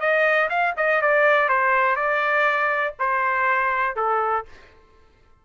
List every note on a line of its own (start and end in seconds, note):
0.00 0.49 D#5
0.50 0.74 F5
0.77 1.02 D#5
1.02 1.49 D5
1.49 1.96 C5
1.96 2.94 D5
3.00 3.96 C5
3.96 4.45 A4